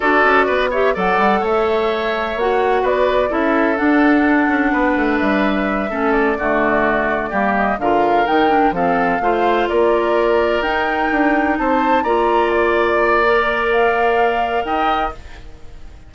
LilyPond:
<<
  \new Staff \with { instrumentName = "flute" } { \time 4/4 \tempo 4 = 127 d''4. e''8 fis''4 e''4~ | e''4 fis''4 d''4 e''4 | fis''2. e''4~ | e''4 d''2. |
dis''8 f''4 g''4 f''4.~ | f''8 d''2 g''4.~ | g''8 a''4 ais''4 d''4.~ | d''4 f''2 g''4 | }
  \new Staff \with { instrumentName = "oboe" } { \time 4/4 a'4 b'8 cis''8 d''4 cis''4~ | cis''2 b'4 a'4~ | a'2 b'2~ | b'8 a'4 fis'2 g'8~ |
g'8 ais'2 a'4 c''8~ | c''8 ais'2.~ ais'8~ | ais'8 c''4 d''2~ d''8~ | d''2. dis''4 | }
  \new Staff \with { instrumentName = "clarinet" } { \time 4/4 fis'4. g'8 a'2~ | a'4 fis'2 e'4 | d'1~ | d'8 cis'4 a2 ais8~ |
ais8 f'4 dis'8 d'8 c'4 f'8~ | f'2~ f'8 dis'4.~ | dis'4. f'2~ f'8 | ais'1 | }
  \new Staff \with { instrumentName = "bassoon" } { \time 4/4 d'8 cis'8 b4 fis8 g8 a4~ | a4 ais4 b4 cis'4 | d'4. cis'8 b8 a8 g4~ | g8 a4 d2 g8~ |
g8 d4 dis4 f4 a8~ | a8 ais2 dis'4 d'8~ | d'8 c'4 ais2~ ais8~ | ais2. dis'4 | }
>>